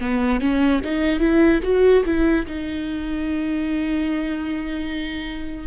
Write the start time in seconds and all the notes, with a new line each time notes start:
0.00 B3
0.40 C#4
0.84 D#4
1.19 E4
1.63 F#4
2.05 E4
2.46 D#4